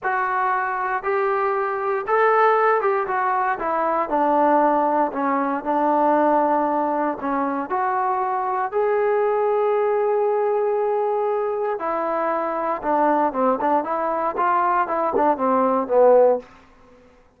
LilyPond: \new Staff \with { instrumentName = "trombone" } { \time 4/4 \tempo 4 = 117 fis'2 g'2 | a'4. g'8 fis'4 e'4 | d'2 cis'4 d'4~ | d'2 cis'4 fis'4~ |
fis'4 gis'2.~ | gis'2. e'4~ | e'4 d'4 c'8 d'8 e'4 | f'4 e'8 d'8 c'4 b4 | }